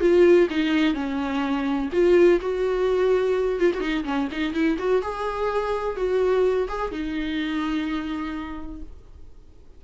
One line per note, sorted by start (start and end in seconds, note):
0.00 0.48 F4
0.50 0.94 D#4
0.94 1.89 C#4
1.92 2.40 F4
2.40 3.59 F#4
3.59 3.71 F4
3.74 3.80 F#4
3.80 4.04 D#4
4.04 4.28 C#4
4.31 4.53 D#4
4.53 4.77 E4
4.78 5.02 F#4
5.02 5.96 G#4
5.96 6.68 F#4
6.68 6.91 G#4
6.91 8.82 D#4